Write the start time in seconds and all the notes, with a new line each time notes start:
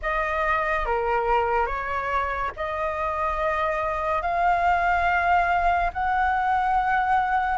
0.02 D#5
0.85 A#4
1.66 C#5
2.56 D#5
4.21 F5
5.93 F#5